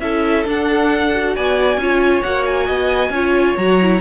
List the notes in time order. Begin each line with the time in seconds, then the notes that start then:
0.00 C#4 E4 A4 E5
0.45 D4 F#5
1.15 F#4
1.36 B3 D5 G#5
1.77 C#4 F4 C#5
2.22 A#3 F#4 F#5
2.46 G#5
2.66 B3 D#5
3.10 C#4 F4 C#5
3.57 F#3 F#4 A#5
3.82 E4